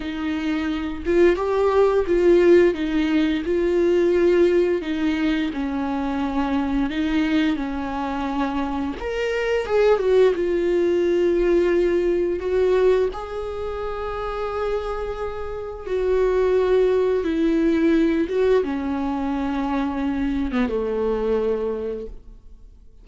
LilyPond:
\new Staff \with { instrumentName = "viola" } { \time 4/4 \tempo 4 = 87 dis'4. f'8 g'4 f'4 | dis'4 f'2 dis'4 | cis'2 dis'4 cis'4~ | cis'4 ais'4 gis'8 fis'8 f'4~ |
f'2 fis'4 gis'4~ | gis'2. fis'4~ | fis'4 e'4. fis'8 cis'4~ | cis'4.~ cis'16 b16 a2 | }